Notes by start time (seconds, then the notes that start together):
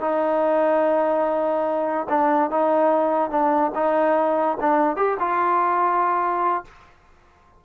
0.00 D#4
2.09 D4
2.50 D#4
3.30 D4
3.74 D#4
4.60 D4
4.96 G4
5.19 F4